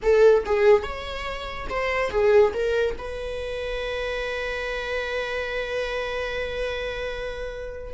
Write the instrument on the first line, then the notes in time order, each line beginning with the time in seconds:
viola
0.02 A4
0.45 G#4
0.82 C#5
1.69 C5
2.10 G#4
2.53 A#4
2.98 B4